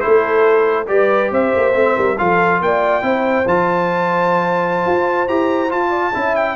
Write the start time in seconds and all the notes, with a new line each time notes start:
0.00 A3 E4 A4 C5
0.87 G3 G4 B4 D5
1.31 C4 C5 E5
1.56 A#3
1.73 A3 C4
1.96 G3 A#4
2.18 F3 F4 A4 F5
2.60 A#3 D5 G5
3.02 C4 E4 C5
3.46 F3 F4 A5
4.86 F4
5.28 E4 G4 A#5
5.69 F4 A5
5.89 D5
6.14 C#4 E4 E5
6.35 G5